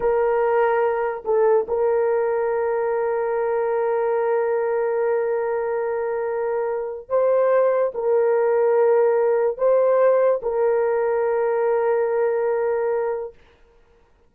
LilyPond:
\new Staff \with { instrumentName = "horn" } { \time 4/4 \tempo 4 = 144 ais'2. a'4 | ais'1~ | ais'1~ | ais'1~ |
ais'4 c''2 ais'4~ | ais'2. c''4~ | c''4 ais'2.~ | ais'1 | }